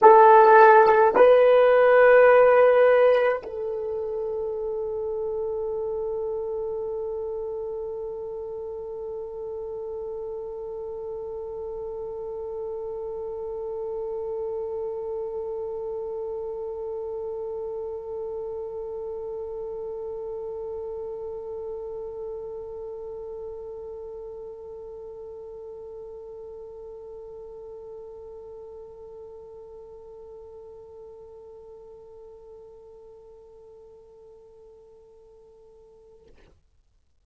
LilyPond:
\new Staff \with { instrumentName = "horn" } { \time 4/4 \tempo 4 = 53 a'4 b'2 a'4~ | a'1~ | a'1~ | a'1~ |
a'1~ | a'1~ | a'1~ | a'1 | }